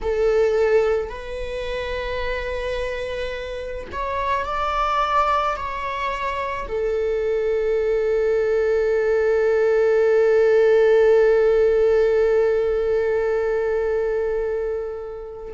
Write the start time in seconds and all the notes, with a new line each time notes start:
0.01 A4
1.09 B4
3.91 C#5
4.45 D5
5.56 C#5
6.68 A4